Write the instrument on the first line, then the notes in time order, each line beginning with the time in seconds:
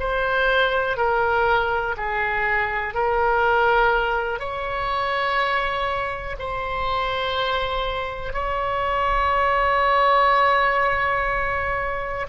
oboe
0.00 C5
0.97 A#4
1.98 G#4
2.95 A#4
4.39 C#5
6.39 C5
8.33 C#5